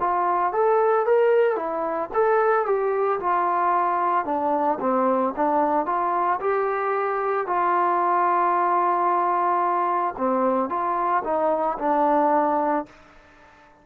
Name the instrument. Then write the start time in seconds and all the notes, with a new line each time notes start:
trombone
0.00 F4
0.53 A4
1.06 A#4
1.56 E4
2.14 A4
2.66 G4
3.20 F4
4.25 D4
4.81 C4
5.37 D4
5.86 F4
6.40 G4
7.47 F4
10.17 C4
10.70 F4
11.25 D#4
11.79 D4